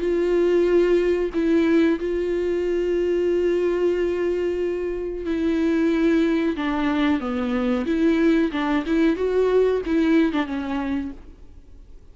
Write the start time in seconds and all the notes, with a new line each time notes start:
0.00 F4
1.34 E4
2.00 F4
5.26 E4
6.57 D4
7.21 B3
7.86 E4
8.52 D4
8.86 E4
9.16 F#4
9.86 E4
10.33 D4
10.46 C#4